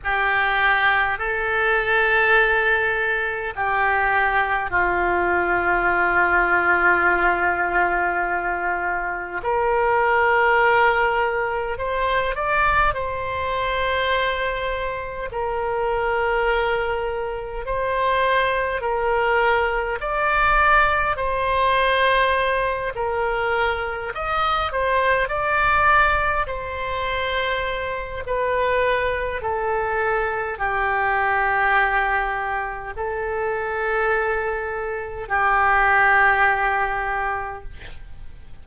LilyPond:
\new Staff \with { instrumentName = "oboe" } { \time 4/4 \tempo 4 = 51 g'4 a'2 g'4 | f'1 | ais'2 c''8 d''8 c''4~ | c''4 ais'2 c''4 |
ais'4 d''4 c''4. ais'8~ | ais'8 dis''8 c''8 d''4 c''4. | b'4 a'4 g'2 | a'2 g'2 | }